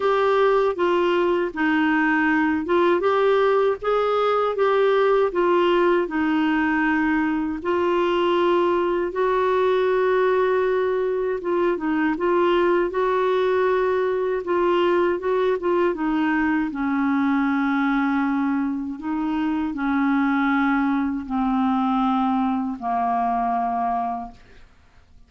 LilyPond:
\new Staff \with { instrumentName = "clarinet" } { \time 4/4 \tempo 4 = 79 g'4 f'4 dis'4. f'8 | g'4 gis'4 g'4 f'4 | dis'2 f'2 | fis'2. f'8 dis'8 |
f'4 fis'2 f'4 | fis'8 f'8 dis'4 cis'2~ | cis'4 dis'4 cis'2 | c'2 ais2 | }